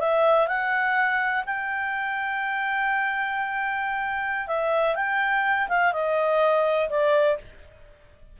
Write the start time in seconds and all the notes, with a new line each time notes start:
0.00 E5
0.48 F#5
1.46 G5
4.48 E5
4.96 G5
5.69 F5
5.93 D#5
6.90 D5